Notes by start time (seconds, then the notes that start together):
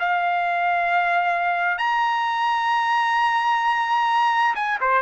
0.00 F5
1.78 A#5
4.56 G#5
4.81 C5